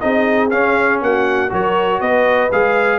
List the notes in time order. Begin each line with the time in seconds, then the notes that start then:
0.00 C4 D#4 G#4 D#5
0.50 C#4 F5
1.02 A#3 F#4 F#5
1.49 F#3 F#4 A#4 C#5
2.00 B3 B4 D#5
2.52 G#3 G#4 F5